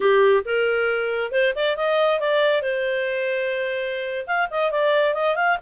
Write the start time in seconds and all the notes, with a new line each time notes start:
0.00 G4
0.45 A#4
1.31 C5
1.55 D5
1.76 D#5
2.20 D5
2.61 C5
4.26 F5
4.50 D#5
4.71 D5
5.14 D#5
5.35 F5